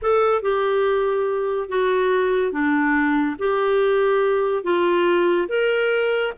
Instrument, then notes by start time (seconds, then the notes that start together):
clarinet
0.02 A4
0.41 G4
1.68 F#4
2.52 D4
3.38 G4
4.63 F4
5.48 A#4